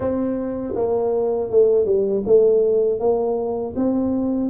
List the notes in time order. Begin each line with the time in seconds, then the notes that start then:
0.00 C4
0.75 A#3
1.50 A3
1.85 G3
2.26 A3
2.99 A#3
3.76 C4